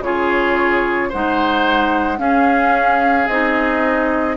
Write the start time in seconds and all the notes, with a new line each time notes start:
0.00 C#3 F4 G#4 C#5
1.09 G#3 D#4 C5 F#5
2.17 C#4 G#4 F5
3.27 C4 D#4 D#5